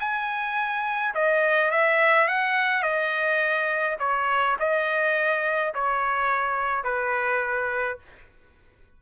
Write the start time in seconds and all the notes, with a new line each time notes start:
0.00 G#5
1.15 D#5
1.71 E5
2.28 F#5
2.83 D#5
4.00 C#5
4.60 D#5
5.75 C#5
6.84 B4